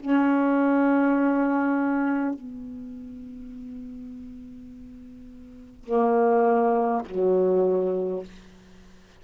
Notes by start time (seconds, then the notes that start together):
0.00 C#4
2.35 B3
5.85 A#3
7.06 F#3